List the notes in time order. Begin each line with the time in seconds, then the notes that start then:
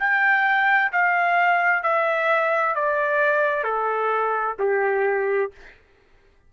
0.00 G5
0.93 F5
1.84 E5
2.76 D5
3.65 A4
4.59 G4